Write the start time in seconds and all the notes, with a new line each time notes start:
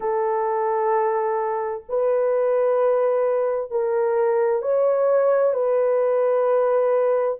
0.00 A4
1.88 B4
3.70 A#4
4.62 C#5
5.53 B4